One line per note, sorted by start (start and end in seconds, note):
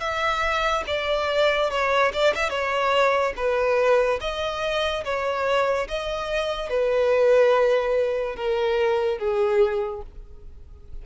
0.00 0.83 E5
0.87 1.70 D5
1.70 2.12 C#5
2.13 2.34 D5
2.35 2.50 E5
2.50 3.33 C#5
3.36 4.20 B4
4.21 5.04 D#5
5.05 5.88 C#5
5.88 6.70 D#5
6.70 8.36 B4
8.36 9.19 A#4
9.19 10.02 G#4